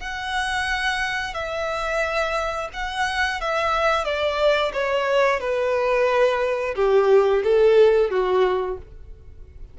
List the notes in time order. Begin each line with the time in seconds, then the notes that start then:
0.00 F#5
1.34 E5
2.73 F#5
3.41 E5
4.04 D5
4.73 C#5
5.40 B4
6.75 G4
7.43 A4
8.10 F#4